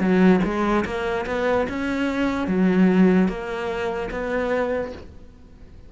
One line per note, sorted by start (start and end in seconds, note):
0.00 0.41 F#3
0.44 0.85 G#3
0.85 1.26 A#3
1.26 1.67 B3
1.69 2.47 C#4
2.47 3.28 F#3
3.28 4.09 A#3
4.11 4.92 B3